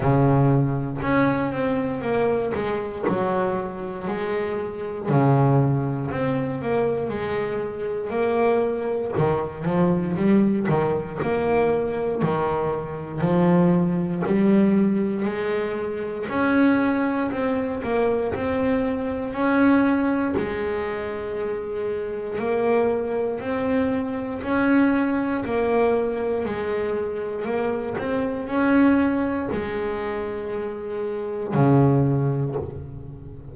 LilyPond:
\new Staff \with { instrumentName = "double bass" } { \time 4/4 \tempo 4 = 59 cis4 cis'8 c'8 ais8 gis8 fis4 | gis4 cis4 c'8 ais8 gis4 | ais4 dis8 f8 g8 dis8 ais4 | dis4 f4 g4 gis4 |
cis'4 c'8 ais8 c'4 cis'4 | gis2 ais4 c'4 | cis'4 ais4 gis4 ais8 c'8 | cis'4 gis2 cis4 | }